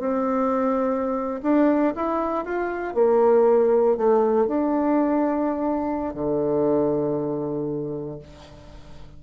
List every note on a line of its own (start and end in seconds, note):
0.00 1.41 C4
1.43 1.94 D4
1.96 2.45 E4
2.45 2.95 F4
2.95 3.97 A#3
3.97 4.48 A3
4.48 6.14 D4
6.14 8.19 D3